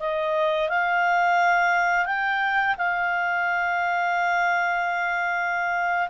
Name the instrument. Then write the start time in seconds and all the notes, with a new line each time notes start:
clarinet
0.00 D#5
0.69 F5
2.06 G5
2.78 F5